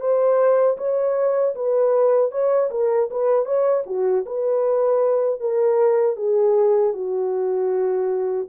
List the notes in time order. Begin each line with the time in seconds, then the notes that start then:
0.00 C5
0.77 C#5
1.55 B4
2.31 C#5
2.71 A#4
3.10 B4
3.45 C#5
3.86 F#4
4.26 B4
5.40 A#4
6.16 G#4
6.93 F#4